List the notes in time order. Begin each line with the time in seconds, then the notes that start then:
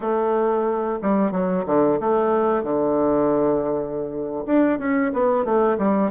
0.00 A3
1.02 G3
1.31 F#3
1.66 D3
1.99 A3
2.63 D3
4.45 D4
4.78 C#4
5.12 B3
5.44 A3
5.78 G3